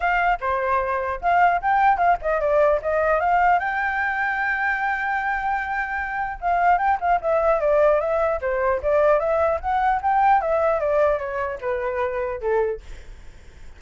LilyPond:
\new Staff \with { instrumentName = "flute" } { \time 4/4 \tempo 4 = 150 f''4 c''2 f''4 | g''4 f''8 dis''8 d''4 dis''4 | f''4 g''2.~ | g''1 |
f''4 g''8 f''8 e''4 d''4 | e''4 c''4 d''4 e''4 | fis''4 g''4 e''4 d''4 | cis''4 b'2 a'4 | }